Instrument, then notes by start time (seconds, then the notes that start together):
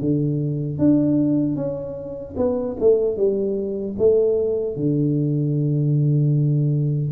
tuba
0.00 D3
0.78 D4
1.56 C#4
2.36 B3
2.80 A3
3.17 G3
3.98 A3
4.75 D3